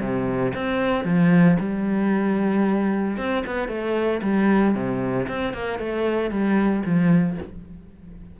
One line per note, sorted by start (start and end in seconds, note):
0.00 0.53 C3
0.55 1.04 C4
1.04 1.57 F3
1.59 3.17 G3
3.17 3.43 C4
3.46 3.68 B3
3.68 4.21 A3
4.22 4.74 G3
4.74 5.27 C3
5.28 5.53 C4
5.53 5.79 A#3
5.79 6.30 A3
6.30 6.83 G3
6.85 7.38 F3